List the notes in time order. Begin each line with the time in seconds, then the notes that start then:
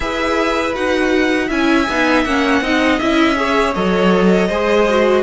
0.00 E4 G#4 B4 E5
0.74 D#4 F#4 F#5
1.46 C#4 E4 E5 G#5
1.89 B3 D#4
2.24 A#3 C#4 F#5
2.61 C4 D#4 D#5
2.99 C#4 E4 E5
3.36 G#4 C#5
3.74 F#3 A4 D#5
4.48 G#3 G#4 C5
4.89 F#4